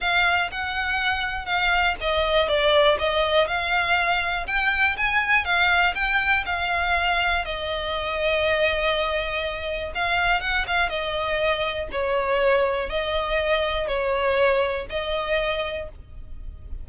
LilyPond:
\new Staff \with { instrumentName = "violin" } { \time 4/4 \tempo 4 = 121 f''4 fis''2 f''4 | dis''4 d''4 dis''4 f''4~ | f''4 g''4 gis''4 f''4 | g''4 f''2 dis''4~ |
dis''1 | f''4 fis''8 f''8 dis''2 | cis''2 dis''2 | cis''2 dis''2 | }